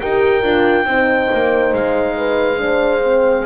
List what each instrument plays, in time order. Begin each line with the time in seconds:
0.00 double bass D#4, horn G4 A#4, oboe G5
0.42 double bass D4, horn F4
0.85 double bass C4, horn D#4 C5
1.34 double bass A#3
1.73 double bass G#3, oboe F5
2.17 horn B4
2.58 horn D4 C5
3.04 horn C4